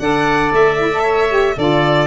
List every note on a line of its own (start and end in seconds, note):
0.00 0.52 D4
0.00 0.79 A4
0.00 1.03 D5
0.00 0.52 F#5
0.52 1.56 A3
0.52 1.59 E5
0.79 0.92 E4
0.92 1.29 A4
1.03 1.55 C#5
1.29 1.55 G4
1.57 2.08 D3
1.57 2.08 F4
1.57 2.08 A4
1.57 2.08 D5